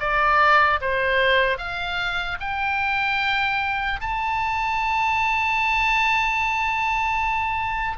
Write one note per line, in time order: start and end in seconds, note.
0.00 0.80 D5
0.81 1.58 C5
1.58 2.38 F5
2.40 4.00 G5
4.01 7.98 A5